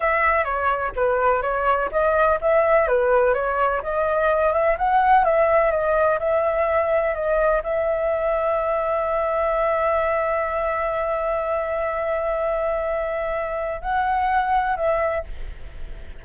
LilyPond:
\new Staff \with { instrumentName = "flute" } { \time 4/4 \tempo 4 = 126 e''4 cis''4 b'4 cis''4 | dis''4 e''4 b'4 cis''4 | dis''4. e''8 fis''4 e''4 | dis''4 e''2 dis''4 |
e''1~ | e''1~ | e''1~ | e''4 fis''2 e''4 | }